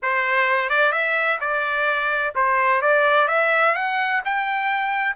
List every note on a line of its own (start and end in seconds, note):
0.02 0.69 C5
0.69 0.91 D5
0.91 1.38 E5
1.40 2.34 D5
2.35 2.81 C5
2.81 3.28 D5
3.28 3.75 E5
3.75 4.21 F#5
4.24 5.16 G5